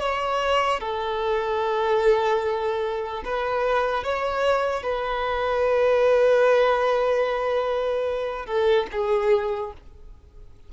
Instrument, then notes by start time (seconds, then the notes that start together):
violin
0.00 C#5
0.80 A4
3.25 B4
4.04 C#5
4.83 B4
8.46 A4
8.92 G#4